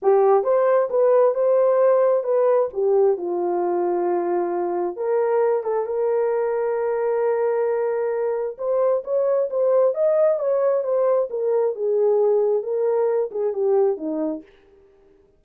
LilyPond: \new Staff \with { instrumentName = "horn" } { \time 4/4 \tempo 4 = 133 g'4 c''4 b'4 c''4~ | c''4 b'4 g'4 f'4~ | f'2. ais'4~ | ais'8 a'8 ais'2.~ |
ais'2. c''4 | cis''4 c''4 dis''4 cis''4 | c''4 ais'4 gis'2 | ais'4. gis'8 g'4 dis'4 | }